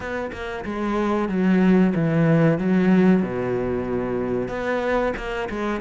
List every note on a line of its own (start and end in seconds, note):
0.00 0.31 B3
0.32 0.64 A#3
0.65 1.28 G#3
1.28 1.93 F#3
1.94 2.58 E3
2.58 3.22 F#3
3.22 4.48 B2
4.48 5.13 B3
5.16 5.48 A#3
5.49 5.80 G#3